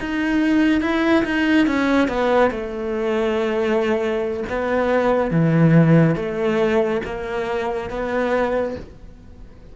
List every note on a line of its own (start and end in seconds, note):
0.00 0.81 D#4
0.81 1.24 E4
1.24 1.67 D#4
1.67 2.08 C#4
2.08 2.51 B3
2.51 4.43 A3
4.49 5.31 B3
5.31 6.15 E3
6.15 7.01 A3
7.04 7.90 A#3
7.90 8.75 B3